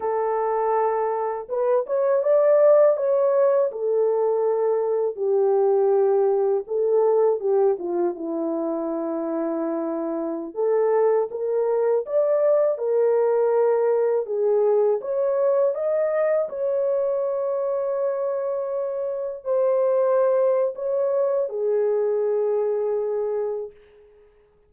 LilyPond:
\new Staff \with { instrumentName = "horn" } { \time 4/4 \tempo 4 = 81 a'2 b'8 cis''8 d''4 | cis''4 a'2 g'4~ | g'4 a'4 g'8 f'8 e'4~ | e'2~ e'16 a'4 ais'8.~ |
ais'16 d''4 ais'2 gis'8.~ | gis'16 cis''4 dis''4 cis''4.~ cis''16~ | cis''2~ cis''16 c''4.~ c''16 | cis''4 gis'2. | }